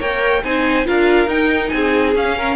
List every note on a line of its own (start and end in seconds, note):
0.00 0.44 A#3
0.00 0.43 A#4
0.00 0.43 C#5
0.00 0.44 G5
0.44 0.87 C4
0.44 0.85 D#4
0.44 0.87 C5
0.44 0.87 G#5
0.85 1.27 D4
0.85 1.28 F4
0.85 1.73 A#4
0.85 1.30 F5
1.27 1.70 D#4
1.27 2.15 D#4
1.27 1.69 G5
1.69 2.15 C4
1.69 2.12 G#5
1.76 2.37 G#4
2.15 2.56 C#4
2.15 2.56 F5
2.37 2.56 A#4